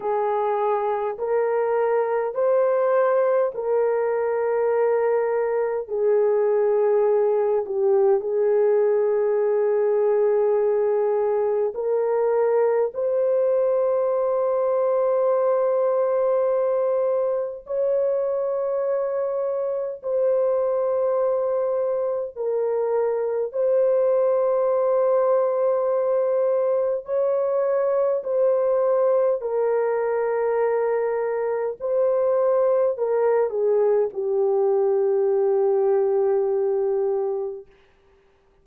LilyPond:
\new Staff \with { instrumentName = "horn" } { \time 4/4 \tempo 4 = 51 gis'4 ais'4 c''4 ais'4~ | ais'4 gis'4. g'8 gis'4~ | gis'2 ais'4 c''4~ | c''2. cis''4~ |
cis''4 c''2 ais'4 | c''2. cis''4 | c''4 ais'2 c''4 | ais'8 gis'8 g'2. | }